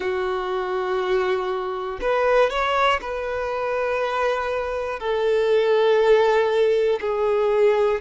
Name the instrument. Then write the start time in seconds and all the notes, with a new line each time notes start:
violin
0.00 F#4
2.00 B4
2.50 C#5
3.01 B4
4.99 A4
7.00 G#4